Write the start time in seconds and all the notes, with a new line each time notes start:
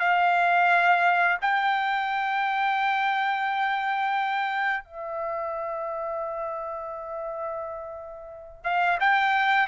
0.00 F5
1.41 G5
4.84 E5
8.64 F5
9.00 G5